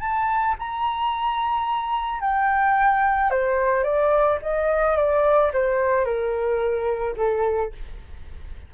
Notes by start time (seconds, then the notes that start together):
0.00 A5
0.59 A#5
2.20 G5
3.30 C5
3.84 D5
4.42 D#5
4.97 D5
5.53 C5
6.05 A#4
7.17 A4